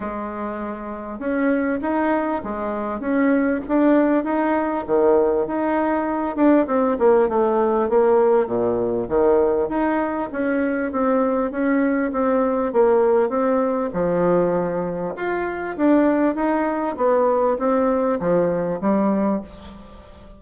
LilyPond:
\new Staff \with { instrumentName = "bassoon" } { \time 4/4 \tempo 4 = 99 gis2 cis'4 dis'4 | gis4 cis'4 d'4 dis'4 | dis4 dis'4. d'8 c'8 ais8 | a4 ais4 ais,4 dis4 |
dis'4 cis'4 c'4 cis'4 | c'4 ais4 c'4 f4~ | f4 f'4 d'4 dis'4 | b4 c'4 f4 g4 | }